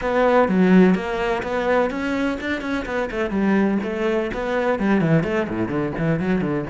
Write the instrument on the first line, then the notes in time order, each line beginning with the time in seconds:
cello
0.01 B3
0.48 F#3
0.95 A#3
1.42 B3
1.90 C#4
2.40 D4
2.61 C#4
2.85 B3
3.11 A3
3.30 G3
3.83 A3
4.33 B3
4.79 G3
5.00 E3
5.23 A3
5.48 A2
5.68 D3
5.97 E3
6.19 F#3
6.41 D3